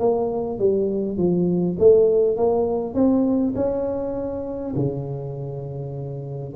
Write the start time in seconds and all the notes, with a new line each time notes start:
0.00 A#3
0.59 G3
1.18 F3
1.80 A3
2.37 A#3
2.95 C4
3.56 C#4
4.76 C#3